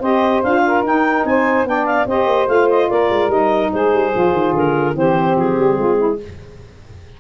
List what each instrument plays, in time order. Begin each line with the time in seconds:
0.00 tuba C4, saxophone G4 C5, clarinet D#5
0.43 tuba D4, saxophone F4, clarinet F5
0.66 saxophone A#4
0.83 tuba D#4, saxophone D#4, clarinet G5
1.25 tuba C4, saxophone C5, clarinet G#5
1.64 tuba B3, saxophone D4 D5, clarinet G5
1.86 clarinet F5
2.06 tuba C4, saxophone G4 C5, clarinet D#5
2.26 tuba A#3
2.47 tuba A3, saxophone F4, clarinet F5
2.69 clarinet D#5
2.89 tuba A#3, saxophone A#4, clarinet D5
3.10 tuba G#3
3.28 tuba G3, saxophone D#4, clarinet D#5
3.72 tuba G#3, saxophone G#4, clarinet C5
3.93 tuba G3
4.14 tuba F3, saxophone F4
4.32 tuba D#3
4.53 tuba D3, clarinet A#4
4.93 tuba E3, saxophone C4 G4, clarinet C5
5.36 tuba F3, clarinet G#4
5.59 tuba G3
5.77 tuba G#3, saxophone F4
5.98 saxophone E4